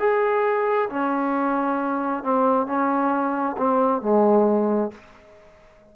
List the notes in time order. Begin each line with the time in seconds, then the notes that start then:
0.00 G#4
0.90 C#4
2.24 C4
2.67 C#4
3.58 C4
4.02 G#3